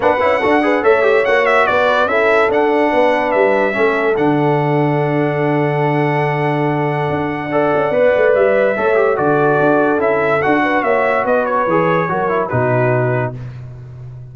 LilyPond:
<<
  \new Staff \with { instrumentName = "trumpet" } { \time 4/4 \tempo 4 = 144 fis''2 e''4 fis''8 e''8 | d''4 e''4 fis''2 | e''2 fis''2~ | fis''1~ |
fis''1 | e''2 d''2 | e''4 fis''4 e''4 dis''8 cis''8~ | cis''2 b'2 | }
  \new Staff \with { instrumentName = "horn" } { \time 4/4 b'4 a'8 b'8 cis''2 | b'4 a'2 b'4~ | b'4 a'2.~ | a'1~ |
a'2 d''2~ | d''4 cis''4 a'2~ | a'4. b'8 cis''4 b'4~ | b'4 ais'4 fis'2 | }
  \new Staff \with { instrumentName = "trombone" } { \time 4/4 d'8 e'8 fis'8 gis'8 a'8 g'8 fis'4~ | fis'4 e'4 d'2~ | d'4 cis'4 d'2~ | d'1~ |
d'2 a'4 b'4~ | b'4 a'8 g'8 fis'2 | e'4 fis'2. | gis'4 fis'8 e'8 dis'2 | }
  \new Staff \with { instrumentName = "tuba" } { \time 4/4 b8 cis'8 d'4 a4 ais4 | b4 cis'4 d'4 b4 | g4 a4 d2~ | d1~ |
d4 d'4. cis'8 b8 a8 | g4 a4 d4 d'4 | cis'4 d'4 ais4 b4 | e4 fis4 b,2 | }
>>